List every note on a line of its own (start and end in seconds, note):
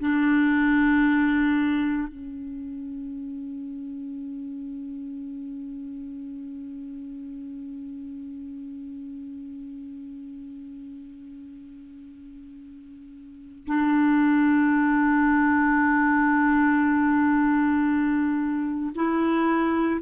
0.00 2.08 D4
2.08 13.66 C#4
13.66 18.92 D4
18.95 20.00 E4